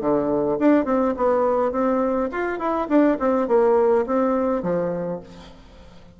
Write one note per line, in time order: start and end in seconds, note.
0.00 0.58 D3
0.59 0.85 D4
0.85 1.14 C4
1.16 1.72 B3
1.72 2.29 C4
2.31 2.59 F4
2.59 2.87 E4
2.88 3.17 D4
3.19 3.47 C4
3.47 4.05 A#3
4.06 4.62 C4
4.62 5.20 F3